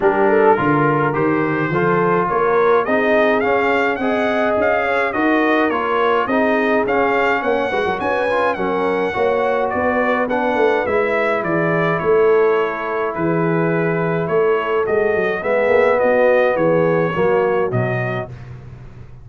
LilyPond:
<<
  \new Staff \with { instrumentName = "trumpet" } { \time 4/4 \tempo 4 = 105 ais'2 c''2 | cis''4 dis''4 f''4 fis''4 | f''4 dis''4 cis''4 dis''4 | f''4 fis''4 gis''4 fis''4~ |
fis''4 d''4 fis''4 e''4 | d''4 cis''2 b'4~ | b'4 cis''4 dis''4 e''4 | dis''4 cis''2 dis''4 | }
  \new Staff \with { instrumentName = "horn" } { \time 4/4 g'8 a'8 ais'2 a'4 | ais'4 gis'2 dis''4~ | dis''8 cis''8 ais'2 gis'4~ | gis'4 cis''8 b'16 ais'16 b'4 ais'4 |
cis''4 b'2. | gis'4 a'2 gis'4~ | gis'4 a'2 gis'4 | fis'4 gis'4 fis'2 | }
  \new Staff \with { instrumentName = "trombone" } { \time 4/4 d'4 f'4 g'4 f'4~ | f'4 dis'4 cis'4 gis'4~ | gis'4 fis'4 f'4 dis'4 | cis'4. fis'4 f'8 cis'4 |
fis'2 d'4 e'4~ | e'1~ | e'2 fis'4 b4~ | b2 ais4 fis4 | }
  \new Staff \with { instrumentName = "tuba" } { \time 4/4 g4 d4 dis4 f4 | ais4 c'4 cis'4 c'4 | cis'4 dis'4 ais4 c'4 | cis'4 ais8 gis16 fis16 cis'4 fis4 |
ais4 b4. a8 gis4 | e4 a2 e4~ | e4 a4 gis8 fis8 gis8 ais8 | b4 e4 fis4 b,4 | }
>>